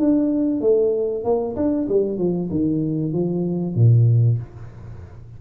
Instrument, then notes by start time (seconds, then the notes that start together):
tuba
0.00 D4
0.61 A3
1.25 A#3
1.56 D4
1.89 G3
2.18 F3
2.51 D#3
3.13 F3
3.76 A#2